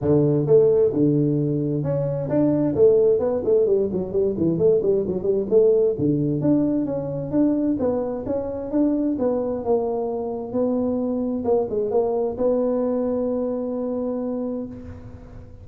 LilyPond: \new Staff \with { instrumentName = "tuba" } { \time 4/4 \tempo 4 = 131 d4 a4 d2 | cis'4 d'4 a4 b8 a8 | g8 fis8 g8 e8 a8 g8 fis8 g8 | a4 d4 d'4 cis'4 |
d'4 b4 cis'4 d'4 | b4 ais2 b4~ | b4 ais8 gis8 ais4 b4~ | b1 | }